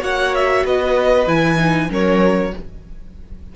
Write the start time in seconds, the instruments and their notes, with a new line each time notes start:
0.00 cello A#3, viola F#4, violin C#5 F#5
0.35 violin E5
0.65 cello B3, violin B4 D#5
1.27 cello E3, viola E4, violin G#5
1.58 viola D#4
1.89 cello F#3, viola C#4, violin A#4 C#5